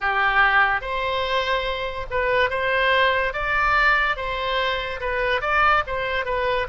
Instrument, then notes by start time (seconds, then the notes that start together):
oboe
0.00 G4
0.81 C5
2.10 B4
2.50 C5
3.33 D5
4.16 C5
5.00 B4
5.41 D5
5.86 C5
6.25 B4